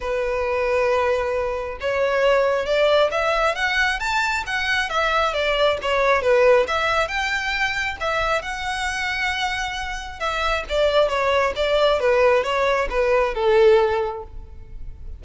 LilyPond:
\new Staff \with { instrumentName = "violin" } { \time 4/4 \tempo 4 = 135 b'1 | cis''2 d''4 e''4 | fis''4 a''4 fis''4 e''4 | d''4 cis''4 b'4 e''4 |
g''2 e''4 fis''4~ | fis''2. e''4 | d''4 cis''4 d''4 b'4 | cis''4 b'4 a'2 | }